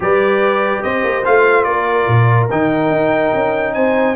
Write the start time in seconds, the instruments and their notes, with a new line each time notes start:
0.00 tuba G3, trombone G4, horn B4, trumpet D5
0.82 tuba C4, horn C5, trumpet D#5
1.03 tuba A#3
1.24 tuba A3, trombone F4, trumpet F5
1.63 tuba A#3, horn A#4, trumpet D5
2.07 tuba A#2
2.50 tuba D#3, trombone D#4, trumpet G5
2.90 tuba D#4
3.34 tuba C#4
3.73 tuba C4, horn C5, trumpet G#5